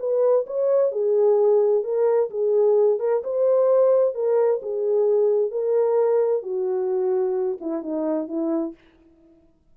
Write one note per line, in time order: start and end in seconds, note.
0.00 0.46 B4
0.47 0.92 C#5
0.92 1.84 G#4
1.84 2.30 A#4
2.31 3.00 G#4
3.00 3.23 A#4
3.24 4.15 C5
4.15 4.61 A#4
4.63 5.51 G#4
5.51 6.43 A#4
6.43 7.59 F#4
7.61 7.83 E4
7.83 8.28 D#4
8.28 8.74 E4